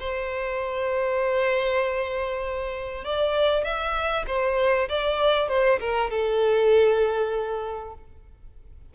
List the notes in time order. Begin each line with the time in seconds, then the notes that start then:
0.00 C5
3.04 D5
3.64 E5
4.27 C5
4.88 D5
5.48 C5
5.80 A#4
6.10 A4